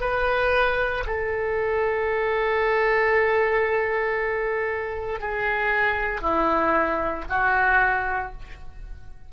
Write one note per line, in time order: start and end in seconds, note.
0.00 1.03 B4
1.06 5.20 A4
5.20 6.21 G#4
6.21 7.24 E4
7.29 8.32 F#4